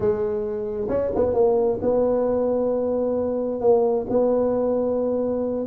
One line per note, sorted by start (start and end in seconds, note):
0.00 0.87 G#3
0.88 1.11 C#4
1.15 1.34 B3
1.34 1.79 A#3
1.81 3.60 B3
3.60 4.06 A#3
4.09 5.66 B3